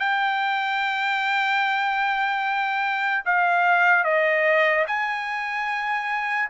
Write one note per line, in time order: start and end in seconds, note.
0.00 3.24 G5
3.25 4.04 F5
4.04 4.85 D#5
4.87 6.49 G#5